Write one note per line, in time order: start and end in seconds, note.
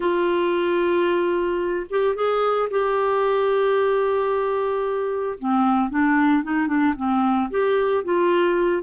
0.00 1.86 F4
1.89 2.15 G4
2.15 2.69 G#4
2.70 5.38 G4
5.38 5.90 C4
5.90 6.43 D4
6.43 6.67 D#4
6.67 6.94 D4
6.96 7.50 C4
7.50 8.04 G4
8.04 8.82 F4